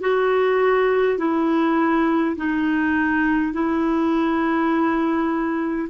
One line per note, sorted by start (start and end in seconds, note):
0.00 1.18 F#4
1.18 2.35 E4
2.36 3.53 D#4
3.53 5.88 E4